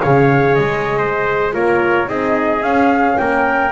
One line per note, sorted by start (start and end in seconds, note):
0.00 0.59 C#3
0.00 1.53 G#4
0.00 0.99 C#5
0.00 0.55 F5
0.55 1.55 G#3
0.55 1.51 D#5
0.99 1.54 C5
1.53 2.08 A#3
1.53 2.07 F4
1.53 2.09 A#4
1.53 2.09 C#5
2.07 2.62 C4
2.07 2.62 D#4
2.07 3.20 G#4
2.07 2.63 D#5
2.62 3.17 C#4
2.62 3.72 C#4
2.62 3.18 F5
3.18 3.72 A#3
3.18 3.72 A#4
3.18 3.72 G5